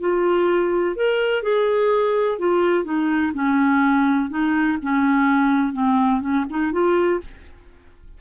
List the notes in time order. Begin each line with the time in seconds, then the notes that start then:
0.00 F4
0.96 A#4
1.42 G#4
2.38 F4
2.84 D#4
3.33 C#4
4.30 D#4
4.82 C#4
5.73 C4
6.21 C#4
6.50 D#4
6.72 F4